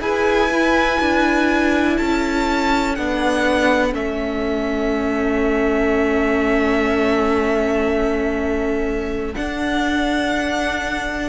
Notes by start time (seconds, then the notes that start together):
0.00 E4 G#4 B4 G#5
0.52 E4
1.00 D4
1.97 C#4 A4 A5
2.95 B3 D4 F#5
3.92 A3 C#4 E5
9.35 D4 F#5